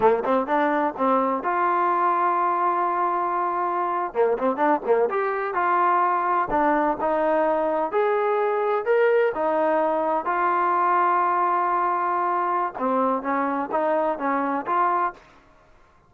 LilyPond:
\new Staff \with { instrumentName = "trombone" } { \time 4/4 \tempo 4 = 127 ais8 c'8 d'4 c'4 f'4~ | f'1~ | f'8. ais8 c'8 d'8 ais8 g'4 f'16~ | f'4.~ f'16 d'4 dis'4~ dis'16~ |
dis'8. gis'2 ais'4 dis'16~ | dis'4.~ dis'16 f'2~ f'16~ | f'2. c'4 | cis'4 dis'4 cis'4 f'4 | }